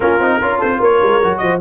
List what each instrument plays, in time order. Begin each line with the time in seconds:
0.00 tuba A#3, trombone C#4, horn F4, trumpet A#4
0.19 tuba C4, trombone D#4
0.41 tuba C#4, trombone F4, horn A#4
0.58 tuba C4, horn A4, trumpet C5
0.79 tuba A#3, horn A#4, trumpet C#5
1.02 tuba G#3
1.22 tuba F#3, trombone F#4
1.37 tuba F3, horn C5, trumpet D#5